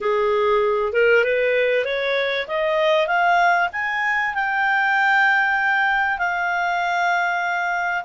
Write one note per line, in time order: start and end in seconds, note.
0.01 0.93 G#4
0.93 1.23 A#4
1.24 1.84 B4
1.84 2.46 C#5
2.47 3.07 D#5
3.07 3.69 F5
3.72 4.34 G#5
4.34 6.18 G5
6.18 8.04 F5